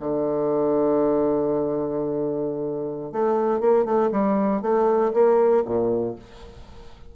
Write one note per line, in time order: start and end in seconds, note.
0.00 3.12 D3
3.12 3.61 A3
3.61 3.85 A#3
3.85 4.10 A3
4.12 4.62 G3
4.62 5.13 A3
5.14 5.64 A#3
5.65 6.16 A#2